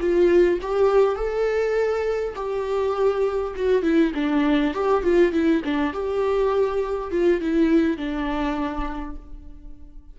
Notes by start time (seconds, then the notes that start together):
0.00 F4
0.62 G4
1.16 A4
2.36 G4
3.55 F#4
3.82 E4
4.14 D4
4.74 G4
5.03 F4
5.32 E4
5.65 D4
5.93 G4
7.12 F4
7.41 E4
7.97 D4